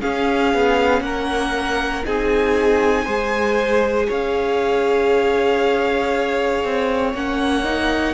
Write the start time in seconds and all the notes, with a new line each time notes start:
0.00 C#4 G#4 F5
0.54 B3
1.01 A#3 A#4 F#5
2.05 C4 D#4 G#4 G#5
3.05 G#3 G#4 C5
4.08 C#4 C#5 F5
6.64 C4
7.14 A#3 C#4 F#5
7.64 D#4